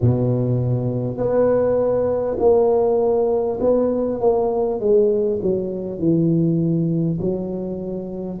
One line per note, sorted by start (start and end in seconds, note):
0.01 1.17 B2
1.17 2.37 B3
2.39 3.59 A#3
3.60 4.20 B3
4.20 4.80 A#3
4.80 5.40 G#3
5.42 5.98 F#3
5.98 7.18 E3
7.20 8.40 F#3